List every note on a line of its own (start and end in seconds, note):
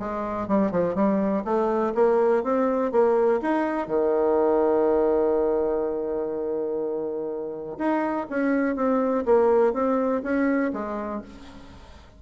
0.00 0.48 G#3
0.48 0.72 G3
0.72 0.95 F3
0.95 1.44 G3
1.45 1.94 A3
1.95 2.44 A#3
2.44 2.92 C4
2.92 3.41 A#3
3.42 3.88 D#4
3.88 7.78 D#3
7.79 8.28 D#4
8.30 8.76 C#4
8.76 9.25 C4
9.26 9.74 A#3
9.74 10.23 C4
10.23 10.72 C#4
10.73 11.22 G#3